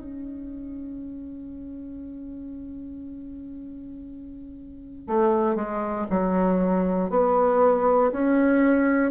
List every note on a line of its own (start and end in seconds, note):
0.00 5.07 C#4
5.07 5.55 A3
5.55 6.06 G#3
6.10 7.10 F#3
7.10 8.11 B3
8.12 9.11 C#4